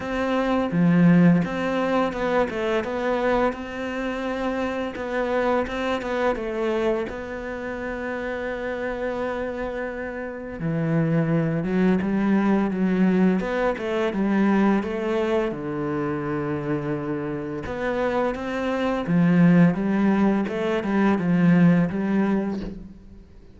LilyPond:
\new Staff \with { instrumentName = "cello" } { \time 4/4 \tempo 4 = 85 c'4 f4 c'4 b8 a8 | b4 c'2 b4 | c'8 b8 a4 b2~ | b2. e4~ |
e8 fis8 g4 fis4 b8 a8 | g4 a4 d2~ | d4 b4 c'4 f4 | g4 a8 g8 f4 g4 | }